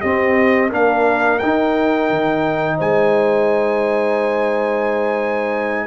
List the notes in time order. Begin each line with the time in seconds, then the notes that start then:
0.00 C4 G4 D#5
0.69 A#3 D4 A#4 F5
1.39 D#4 G5
2.10 D#3
2.78 G#3 C5 G#5